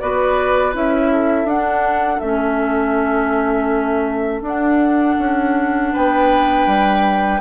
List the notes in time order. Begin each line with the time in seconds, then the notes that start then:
0.00 B3 F#4 B4 D5
0.73 C#4 E4 E5
1.12 A4
1.45 D4 F#5
2.20 A3 C#4 E5
4.42 D4 F#5
5.19 C#4
5.93 B3 B4 G5
6.67 G3